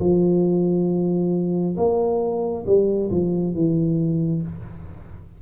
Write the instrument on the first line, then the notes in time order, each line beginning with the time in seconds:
tuba
0.00 F3
1.77 A#3
2.66 G3
3.11 F3
3.55 E3